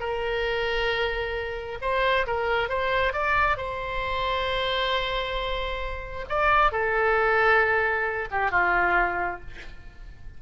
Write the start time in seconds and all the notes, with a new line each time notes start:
0.00 A#4
1.82 C5
2.27 A#4
2.69 C5
3.13 D5
3.57 C5
6.29 D5
6.72 A4
8.31 G4
8.51 F4